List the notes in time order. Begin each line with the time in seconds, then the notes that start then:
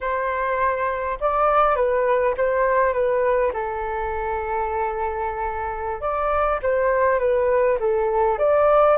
0.00 C5
1.20 D5
1.75 B4
2.37 C5
2.93 B4
3.53 A4
6.01 D5
6.62 C5
7.19 B4
7.79 A4
8.38 D5